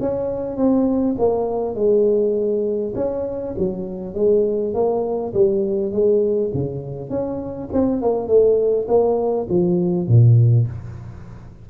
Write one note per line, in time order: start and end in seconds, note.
0.00 0.56 C#4
0.56 1.15 C4
1.18 1.75 A#3
1.75 2.94 G#3
2.95 3.55 C#4
3.58 4.14 F#3
4.14 4.74 G#3
4.74 5.33 A#3
5.34 5.92 G3
5.92 6.51 G#3
6.53 7.09 C#3
7.09 7.68 C#4
7.72 8.01 C4
8.01 8.27 A#3
8.27 8.87 A3
8.88 9.47 A#3
9.49 10.07 F3
10.07 10.67 A#2